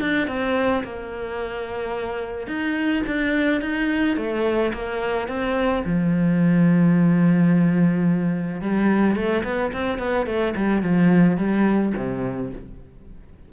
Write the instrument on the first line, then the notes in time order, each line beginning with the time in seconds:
cello
0.00 D4
0.27 C4
0.83 A#3
2.47 D#4
3.07 D4
3.61 D#4
4.16 A3
4.73 A#3
5.28 C4
5.85 F3
8.61 G3
9.15 A3
9.44 B3
9.72 C4
9.98 B3
10.26 A3
10.56 G3
10.82 F3
11.37 G3
11.96 C3